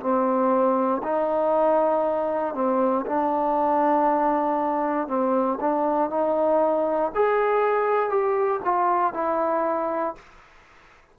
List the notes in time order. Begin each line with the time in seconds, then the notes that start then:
0.00 C4
1.03 D#4
2.55 C4
3.06 D4
5.08 C4
5.61 D4
6.10 D#4
7.15 G#4
8.10 G4
8.65 F4
9.14 E4